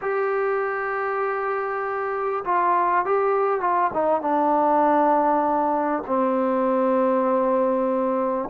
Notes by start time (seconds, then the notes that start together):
0.01 G4
2.44 F4
3.05 G4
3.60 F4
3.93 D#4
4.21 D4
6.06 C4